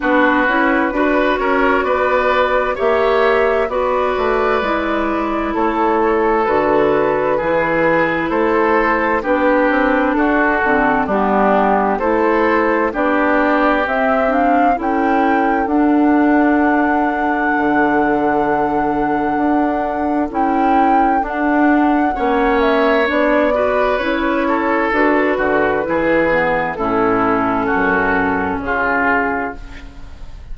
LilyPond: <<
  \new Staff \with { instrumentName = "flute" } { \time 4/4 \tempo 4 = 65 b'4. cis''8 d''4 e''4 | d''2 cis''4 b'4~ | b'4 c''4 b'4 a'4 | g'4 c''4 d''4 e''8 f''8 |
g''4 fis''2.~ | fis''2 g''4 fis''4~ | fis''8 e''8 d''4 cis''4 b'4~ | b'4 a'2 gis'4 | }
  \new Staff \with { instrumentName = "oboe" } { \time 4/4 fis'4 b'8 ais'8 b'4 cis''4 | b'2 a'2 | gis'4 a'4 g'4 fis'4 | d'4 a'4 g'2 |
a'1~ | a'1 | cis''4. b'4 a'4 fis'8 | gis'4 e'4 fis'4 f'4 | }
  \new Staff \with { instrumentName = "clarinet" } { \time 4/4 d'8 e'8 fis'2 g'4 | fis'4 e'2 fis'4 | e'2 d'4. c'8 | b4 e'4 d'4 c'8 d'8 |
e'4 d'2.~ | d'2 e'4 d'4 | cis'4 d'8 fis'8 e'4 fis'4 | e'8 b8 cis'2. | }
  \new Staff \with { instrumentName = "bassoon" } { \time 4/4 b8 cis'8 d'8 cis'8 b4 ais4 | b8 a8 gis4 a4 d4 | e4 a4 b8 c'8 d'8 d8 | g4 a4 b4 c'4 |
cis'4 d'2 d4~ | d4 d'4 cis'4 d'4 | ais4 b4 cis'4 d'8 d8 | e4 a,4 fis,4 cis4 | }
>>